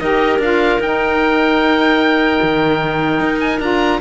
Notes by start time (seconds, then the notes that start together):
0.00 D#4 G4 A#4 D#5
0.39 D4 F4 F5
0.80 D#4 G5
2.43 D#3
3.21 D#4
3.40 G#5
3.60 D4 F4 A#5